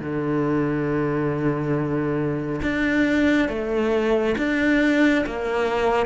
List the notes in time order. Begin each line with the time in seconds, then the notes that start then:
0.00 D3
2.62 D4
3.49 A3
4.38 D4
5.26 A#3